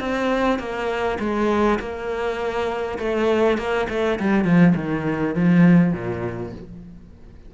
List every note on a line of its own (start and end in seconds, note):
0.00 0.59 C4
0.59 1.19 A#3
1.20 1.79 G#3
1.80 2.99 A#3
2.99 3.58 A3
3.58 3.88 A#3
3.90 4.20 A3
4.20 4.45 G3
4.45 4.75 F3
4.76 5.35 D#3
5.35 5.94 F3
5.94 6.53 A#2